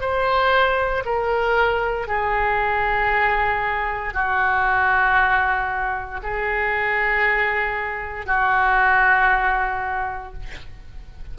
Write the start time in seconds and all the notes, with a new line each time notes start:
0.00 C5
1.05 A#4
2.07 G#4
4.13 F#4
6.23 G#4
8.26 F#4